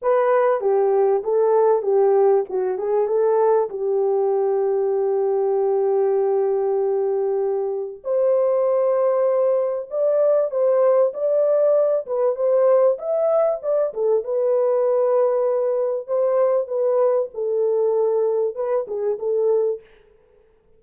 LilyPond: \new Staff \with { instrumentName = "horn" } { \time 4/4 \tempo 4 = 97 b'4 g'4 a'4 g'4 | fis'8 gis'8 a'4 g'2~ | g'1~ | g'4 c''2. |
d''4 c''4 d''4. b'8 | c''4 e''4 d''8 a'8 b'4~ | b'2 c''4 b'4 | a'2 b'8 gis'8 a'4 | }